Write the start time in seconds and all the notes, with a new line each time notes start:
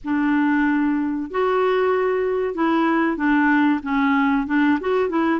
0.04 D4
1.30 F#4
2.54 E4
3.16 D4
3.82 C#4
4.47 D4
4.80 F#4
5.09 E4